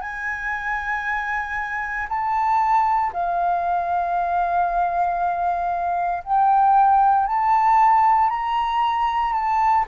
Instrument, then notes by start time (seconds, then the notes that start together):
flute
0.00 G#5
2.09 A5
3.13 F5
6.24 G5
7.26 A5
8.30 A#5
9.33 A5